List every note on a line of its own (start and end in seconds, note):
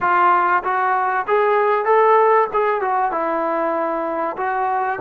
0.00 0.63 F4
0.63 1.26 F#4
1.27 1.85 G#4
1.85 2.47 A4
2.53 2.81 G#4
2.81 3.11 F#4
3.11 4.36 E4
4.36 4.99 F#4